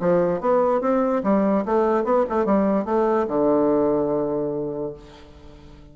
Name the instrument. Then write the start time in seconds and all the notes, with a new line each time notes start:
bassoon
0.00 F3
0.40 B3
0.81 C4
1.23 G3
1.65 A3
2.04 B3
2.29 A3
2.45 G3
2.85 A3
3.28 D3